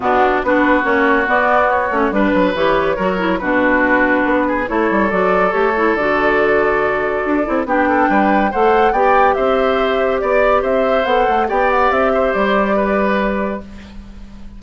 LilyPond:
<<
  \new Staff \with { instrumentName = "flute" } { \time 4/4 \tempo 4 = 141 fis'4 b'4 cis''4 d''4 | cis''4 b'4 cis''2 | b'2. cis''4 | d''4 cis''4 d''2~ |
d''2 g''2 | fis''4 g''4 e''2 | d''4 e''4 fis''4 g''8 fis''8 | e''4 d''2. | }
  \new Staff \with { instrumentName = "oboe" } { \time 4/4 d'4 fis'2.~ | fis'4 b'2 ais'4 | fis'2~ fis'8 gis'8 a'4~ | a'1~ |
a'2 g'8 a'8 b'4 | c''4 d''4 c''2 | d''4 c''2 d''4~ | d''8 c''4. b'2 | }
  \new Staff \with { instrumentName = "clarinet" } { \time 4/4 b4 d'4 cis'4 b4~ | b8 cis'8 d'4 g'4 fis'8 e'8 | d'2. e'4 | fis'4 g'8 e'8 fis'2~ |
fis'4. e'8 d'2 | a'4 g'2.~ | g'2 a'4 g'4~ | g'1 | }
  \new Staff \with { instrumentName = "bassoon" } { \time 4/4 b,4 b4 ais4 b4~ | b8 a8 g8 fis8 e4 fis4 | b,2 b4 a8 g8 | fis4 a4 d2~ |
d4 d'8 c'8 b4 g4 | a4 b4 c'2 | b4 c'4 b8 a8 b4 | c'4 g2. | }
>>